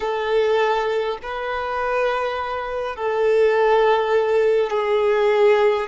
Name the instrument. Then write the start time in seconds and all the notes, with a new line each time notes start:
violin
0.00 A4
1.22 B4
2.96 A4
4.70 G#4